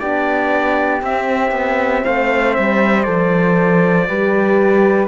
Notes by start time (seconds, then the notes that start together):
0.00 B3 D4 G4 D5
1.02 C4 E5
1.52 B3
2.05 A3 C5 F5
2.54 G3 E5
3.03 F3 A4 D5
4.08 G3 G4 B4